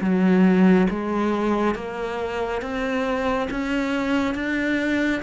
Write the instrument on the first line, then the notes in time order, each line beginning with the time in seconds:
cello
0.00 F#3
0.89 G#3
1.75 A#3
2.62 C4
3.50 C#4
4.34 D4